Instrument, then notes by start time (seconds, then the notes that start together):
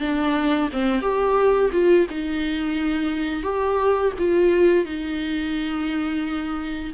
viola
0.00 D4
0.72 C4
1.01 G4
1.72 F4
2.09 D#4
3.43 G4
4.18 F4
4.85 D#4